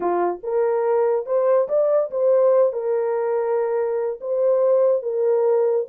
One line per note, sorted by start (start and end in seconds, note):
0.00 0.40 F4
0.43 1.26 A#4
1.26 1.68 C5
1.68 2.10 D5
2.10 2.72 C5
2.72 4.19 A#4
4.21 5.02 C5
5.02 5.86 A#4